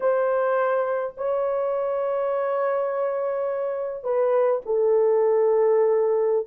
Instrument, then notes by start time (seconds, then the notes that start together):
horn
0.00 C5
1.17 C#5
4.03 B4
4.65 A4